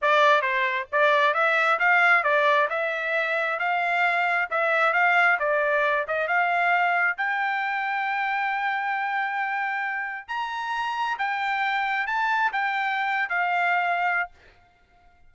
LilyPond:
\new Staff \with { instrumentName = "trumpet" } { \time 4/4 \tempo 4 = 134 d''4 c''4 d''4 e''4 | f''4 d''4 e''2 | f''2 e''4 f''4 | d''4. dis''8 f''2 |
g''1~ | g''2. ais''4~ | ais''4 g''2 a''4 | g''4.~ g''16 f''2~ f''16 | }